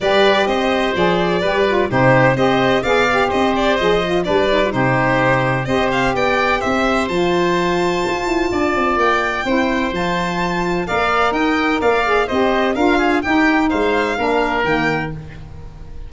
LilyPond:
<<
  \new Staff \with { instrumentName = "violin" } { \time 4/4 \tempo 4 = 127 d''4 dis''4 d''2 | c''4 dis''4 f''4 dis''8 d''8 | dis''4 d''4 c''2 | dis''8 f''8 g''4 e''4 a''4~ |
a''2. g''4~ | g''4 a''2 f''4 | g''4 f''4 dis''4 f''4 | g''4 f''2 g''4 | }
  \new Staff \with { instrumentName = "oboe" } { \time 4/4 b'4 c''2 b'4 | g'4 c''4 d''4 c''4~ | c''4 b'4 g'2 | c''4 d''4 c''2~ |
c''2 d''2 | c''2. d''4 | dis''4 d''4 c''4 ais'8 gis'8 | g'4 c''4 ais'2 | }
  \new Staff \with { instrumentName = "saxophone" } { \time 4/4 g'2 gis'4 g'8 f'8 | dis'4 g'4 gis'8 g'4. | gis'8 f'8 d'8 dis'16 f'16 dis'2 | g'2. f'4~ |
f'1 | e'4 f'2 ais'4~ | ais'4. gis'8 g'4 f'4 | dis'2 d'4 ais4 | }
  \new Staff \with { instrumentName = "tuba" } { \time 4/4 g4 c'4 f4 g4 | c4 c'4 b4 c'4 | f4 g4 c2 | c'4 b4 c'4 f4~ |
f4 f'8 e'8 d'8 c'8 ais4 | c'4 f2 ais4 | dis'4 ais4 c'4 d'4 | dis'4 gis4 ais4 dis4 | }
>>